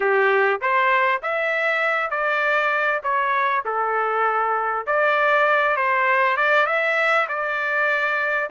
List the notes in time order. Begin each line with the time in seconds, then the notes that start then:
0.00 G4
0.61 C5
1.22 E5
2.10 D5
3.03 C#5
3.65 A4
4.86 D5
5.76 C5
6.36 D5
6.66 E5
7.28 D5